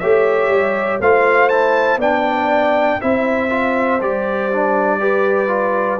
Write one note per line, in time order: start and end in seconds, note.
0.00 0.49 A3
0.00 1.02 G4
0.00 1.01 C#5
0.00 1.00 E5
0.49 0.99 G3
1.00 1.97 A3
1.00 1.51 F4
1.00 1.99 C5
1.00 1.49 F5
1.49 2.01 E4
1.49 1.99 A5
1.97 2.97 B3
1.97 3.01 D4
1.97 2.99 D5
1.97 3.02 G5
3.01 4.02 C4
3.01 3.50 E4
3.01 5.01 C5
3.01 4.02 E5
3.50 4.00 F4
4.01 6.00 G3
4.01 4.51 G4
4.01 6.00 D5
4.53 5.01 D4
5.01 5.49 G4
5.01 6.00 B4
5.49 5.99 F4